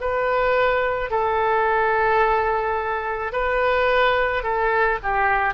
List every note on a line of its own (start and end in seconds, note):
0.00 1.11 B4
1.11 3.32 A4
3.32 4.43 B4
4.43 4.98 A4
5.03 5.54 G4